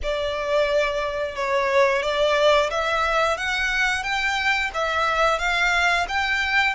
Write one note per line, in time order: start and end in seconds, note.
0.02 1.35 D5
1.35 2.02 C#5
2.02 2.70 D5
2.70 3.37 E5
3.37 4.03 F#5
4.03 4.70 G5
4.74 5.38 E5
5.38 6.06 F5
6.08 6.74 G5